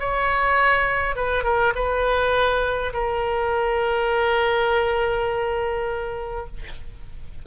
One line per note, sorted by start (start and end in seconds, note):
0.00 1.16 C#5
1.16 1.44 B4
1.44 1.73 A#4
1.75 2.93 B4
2.94 6.47 A#4